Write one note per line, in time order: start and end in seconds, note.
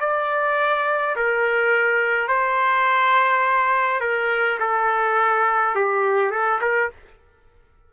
0.00 1.15 D5
1.16 2.28 A#4
2.28 4.01 C5
4.01 4.58 A#4
4.60 5.75 A4
5.75 6.31 G4
6.31 6.60 A4
6.61 6.90 A#4